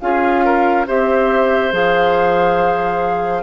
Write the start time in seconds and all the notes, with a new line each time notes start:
0.00 C#4 F4 G#4 F5
0.45 A#4
0.87 C4 G4 C5 E5
1.72 F3 G#4 F5